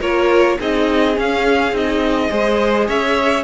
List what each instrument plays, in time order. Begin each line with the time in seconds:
0.00 cello A#3, viola F4, violin A#4 C#5
0.59 cello C4, viola D#4, violin G#4 D#5
1.15 viola C#4, cello C#4, violin F5
1.72 cello C4, viola D#4, violin D#5
2.30 cello G#3, viola G#4, violin C5
2.87 cello C#4, violin C#5 E5